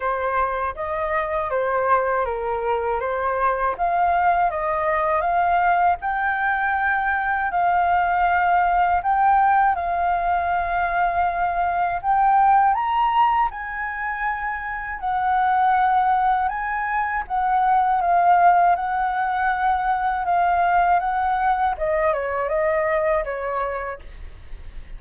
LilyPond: \new Staff \with { instrumentName = "flute" } { \time 4/4 \tempo 4 = 80 c''4 dis''4 c''4 ais'4 | c''4 f''4 dis''4 f''4 | g''2 f''2 | g''4 f''2. |
g''4 ais''4 gis''2 | fis''2 gis''4 fis''4 | f''4 fis''2 f''4 | fis''4 dis''8 cis''8 dis''4 cis''4 | }